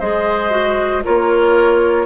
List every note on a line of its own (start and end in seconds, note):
0.00 1.05 G#3
0.00 0.51 G#4
0.00 1.03 C5
0.00 1.04 D#5
0.51 1.02 F#4
1.04 2.06 A#3
1.04 2.06 F4
1.04 2.06 A#4
1.04 2.06 C#5